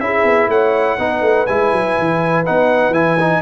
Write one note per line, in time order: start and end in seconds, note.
0.00 0.24 C#4
0.00 0.98 E4
0.00 0.51 G#4
0.00 0.49 E5
0.24 0.48 B3
0.48 0.97 A3
0.48 0.99 C#5
0.48 1.47 F#5
0.99 1.21 B3
0.99 1.47 D#4
0.99 3.42 B4
1.21 1.46 A3
1.47 1.72 G#3
1.47 2.45 E4
1.47 2.44 G#5
1.72 1.97 F#3
1.99 2.48 E3
2.45 2.90 B3
2.45 2.94 D#4
2.45 2.94 F#5
2.90 3.38 E3
2.90 3.18 E4
2.90 3.42 G#5
3.20 3.42 D#4